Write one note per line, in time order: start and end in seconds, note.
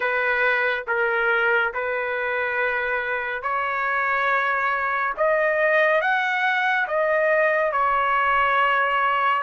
0.00 0.84 B4
0.87 1.73 A#4
1.73 3.42 B4
3.42 5.14 C#5
5.17 6.01 D#5
6.01 6.86 F#5
6.87 7.72 D#5
7.72 9.42 C#5